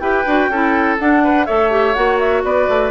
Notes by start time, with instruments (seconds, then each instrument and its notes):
0.00 bassoon E4, clarinet G4, oboe B4, flute G5
0.26 bassoon D4, clarinet F#4
0.49 bassoon C#4, clarinet E4, oboe A4
0.99 clarinet D4, bassoon D4, flute F#5
1.24 oboe B4
1.45 bassoon A3, clarinet A4, oboe C#5, flute E5
1.71 clarinet G4
1.94 bassoon A#3, clarinet F#4, flute F#5
2.19 flute E5
2.44 bassoon B3, oboe B4, flute D5
2.69 bassoon A3